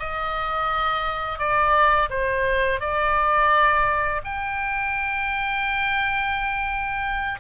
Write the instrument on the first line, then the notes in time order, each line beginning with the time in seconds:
oboe
0.00 D#5
1.39 D5
2.10 C5
2.81 D5
4.24 G5